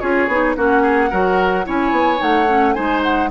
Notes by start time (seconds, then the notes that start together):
0.00 C#4 F4 G#4 C#5
0.28 B3 D#4
0.56 A#3 C#4 F#4 F#5
0.82 G#4
1.10 F#3 F#4 A#4
1.65 C#4 E4 C#5 G#5
1.92 B3
2.17 A3 D#4 F#5
2.48 C#4
2.73 G#3 D#4 C5 G#5
3.03 F#5